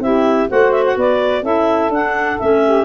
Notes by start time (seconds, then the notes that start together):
0.00 C4 E4 G4 E5
0.48 A3 F#4 C5 F#5
0.72 E5
0.86 F#5
0.96 B3 B4 D5
1.42 C#4 E4 A4 E5
1.90 D4 F#5
2.39 A3 C#4 E5
2.65 G4